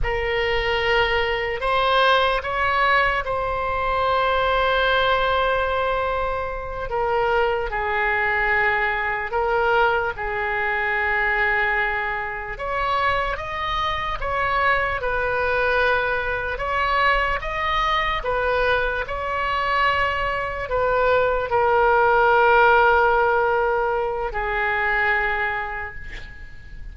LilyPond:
\new Staff \with { instrumentName = "oboe" } { \time 4/4 \tempo 4 = 74 ais'2 c''4 cis''4 | c''1~ | c''8 ais'4 gis'2 ais'8~ | ais'8 gis'2. cis''8~ |
cis''8 dis''4 cis''4 b'4.~ | b'8 cis''4 dis''4 b'4 cis''8~ | cis''4. b'4 ais'4.~ | ais'2 gis'2 | }